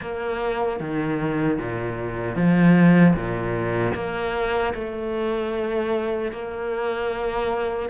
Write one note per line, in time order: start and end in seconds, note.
0.01 0.79 A#3
0.79 1.58 D#3
1.58 2.35 A#2
2.35 3.14 F3
3.15 3.94 A#2
3.94 4.73 A#3
4.74 6.32 A3
6.32 7.89 A#3